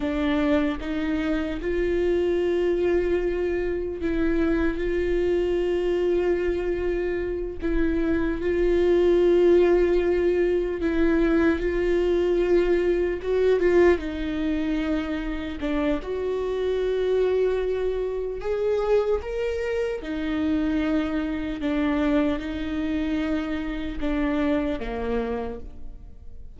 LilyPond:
\new Staff \with { instrumentName = "viola" } { \time 4/4 \tempo 4 = 75 d'4 dis'4 f'2~ | f'4 e'4 f'2~ | f'4. e'4 f'4.~ | f'4. e'4 f'4.~ |
f'8 fis'8 f'8 dis'2 d'8 | fis'2. gis'4 | ais'4 dis'2 d'4 | dis'2 d'4 ais4 | }